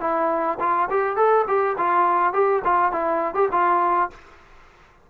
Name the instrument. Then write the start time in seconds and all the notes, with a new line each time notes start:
trombone
0.00 E4
0.59 F4
0.89 G4
1.16 A4
1.47 G4
1.77 F4
2.33 G4
2.64 F4
2.92 E4
3.34 G4
3.51 F4